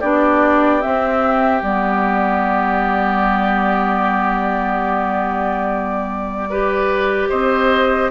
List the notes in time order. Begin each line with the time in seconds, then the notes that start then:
0.00 B3 D4 G4 D5
0.82 C4 E5
1.62 G3 B3 D5
6.50 G4 B4
7.29 C4 C5 D#5